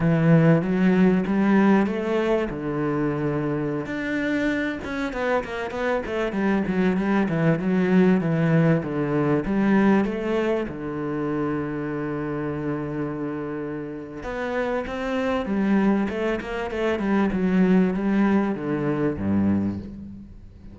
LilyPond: \new Staff \with { instrumentName = "cello" } { \time 4/4 \tempo 4 = 97 e4 fis4 g4 a4 | d2~ d16 d'4. cis'16~ | cis'16 b8 ais8 b8 a8 g8 fis8 g8 e16~ | e16 fis4 e4 d4 g8.~ |
g16 a4 d2~ d8.~ | d2. b4 | c'4 g4 a8 ais8 a8 g8 | fis4 g4 d4 g,4 | }